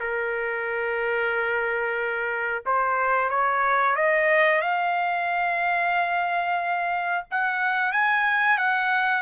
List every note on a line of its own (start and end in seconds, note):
0.00 2.64 A#4
2.66 3.30 C5
3.30 3.96 C#5
3.96 4.62 D#5
4.62 7.25 F5
7.31 7.92 F#5
7.92 8.58 G#5
8.58 9.22 F#5